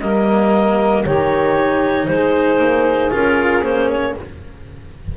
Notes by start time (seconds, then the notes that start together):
0.00 G3 A#3 A#4 D#5
1.03 D#3 D#4 G4 C#5
2.07 G#3 G#4 C5
2.59 A#3
3.11 C#4 F4 A#4
3.61 A#3 C#4 C5
3.88 C#5